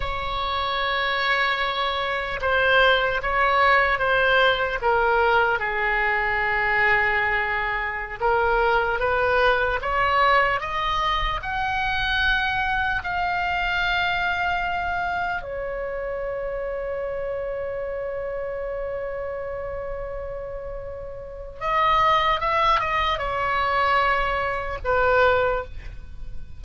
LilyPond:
\new Staff \with { instrumentName = "oboe" } { \time 4/4 \tempo 4 = 75 cis''2. c''4 | cis''4 c''4 ais'4 gis'4~ | gis'2~ gis'16 ais'4 b'8.~ | b'16 cis''4 dis''4 fis''4.~ fis''16~ |
fis''16 f''2. cis''8.~ | cis''1~ | cis''2. dis''4 | e''8 dis''8 cis''2 b'4 | }